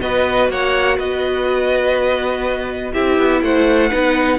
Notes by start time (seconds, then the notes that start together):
0.00 B3 F#4 B4 D#5
0.49 A#3 C#5 F#5
0.97 B3 B4 D#5
2.93 C4 E4 G4 E5
3.18 B3
3.42 A3 C5 F#5
3.89 B3 D#4 B4